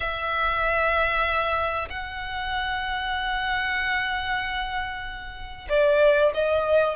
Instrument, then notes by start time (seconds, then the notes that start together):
violin
0.00 E5
1.89 F#5
5.69 D5
6.33 D#5